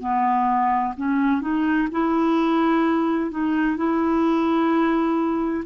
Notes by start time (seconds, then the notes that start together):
0.00 B3
0.97 C#4
1.41 D#4
1.92 E4
3.31 D#4
3.77 E4